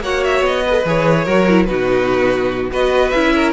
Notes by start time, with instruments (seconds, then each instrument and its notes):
0.00 cello A#3, viola F#4, violin C#5 F#5
0.24 violin E5
0.41 cello B3, violin D#5
0.64 viola G#4, violin B4
0.71 viola A4
0.85 cello E3, viola G#4, violin C#5
1.24 cello F#3, viola F#4, violin A#4
1.48 viola E4
1.65 cello B2, viola D#4, violin F#4 B4
2.70 cello B3, viola F#4, violin B4 D#5
3.09 cello C#4, viola E4, violin E5
3.34 violin A#4